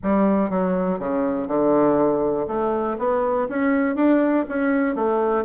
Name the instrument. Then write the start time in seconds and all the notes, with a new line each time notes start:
bassoon
0.03 G3
0.50 F#3
0.99 C#3
1.47 D3
2.47 A3
2.98 B3
3.48 C#4
3.95 D4
4.48 C#4
4.95 A3